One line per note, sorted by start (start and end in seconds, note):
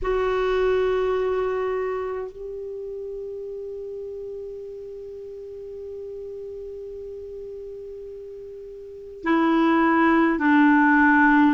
0.02 2.32 F#4
2.32 9.23 G4
9.23 10.38 E4
10.38 11.53 D4